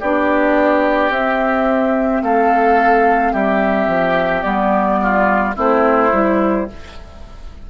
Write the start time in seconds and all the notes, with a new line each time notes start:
0.00 B3 D4 G4 D5
1.10 C4 E5
2.22 A3 A4 F5
3.33 G3 G4 E5
3.88 F3
4.42 G3 B3 D5
5.02 F4
5.56 A3 C4 E4 C5
6.12 G3 E4